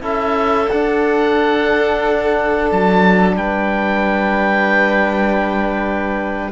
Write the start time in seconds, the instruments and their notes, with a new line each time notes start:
0.00 cello C#4, trombone E4, violin A4, oboe E5
0.70 cello D4, trombone D4, oboe F#5
2.71 cello F#3, oboe A5
3.35 cello G3, violin B4, oboe G5